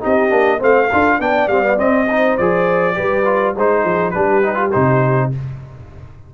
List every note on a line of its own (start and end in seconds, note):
0.00 0.31 C4
0.00 0.29 D#4
0.00 0.59 G4
0.00 0.63 D#5
0.29 0.61 A#3
0.29 0.59 D4
0.59 0.91 A3
0.59 0.89 C4
0.59 0.88 C5
0.59 1.21 F5
0.88 1.19 D4
0.88 1.21 F4
0.88 1.17 A4
1.19 1.48 B3
1.19 1.50 D4
1.19 2.08 D5
1.19 1.48 G5
1.48 1.77 G3
1.48 1.62 C4
1.48 1.78 F5
1.62 1.77 B3
1.77 2.07 C4
1.77 2.37 C4
1.77 2.38 D#5
2.08 2.39 D#4
2.08 2.96 C5
2.38 2.98 F3
2.38 2.94 G#4
2.38 3.55 D5
2.94 3.56 G3
2.94 3.24 G4
2.94 3.55 B4
3.25 3.55 F4
3.56 3.84 G#3
3.56 4.14 D#4
3.56 3.83 C5
3.56 4.11 C5
3.83 4.14 F3
3.83 4.12 G#4
4.11 4.74 G3
4.11 4.43 D4
4.11 5.32 G4
4.11 4.70 B4
4.43 4.55 D#4
4.55 4.70 F4
4.72 5.35 C3
4.72 5.32 D#4
4.72 5.31 C5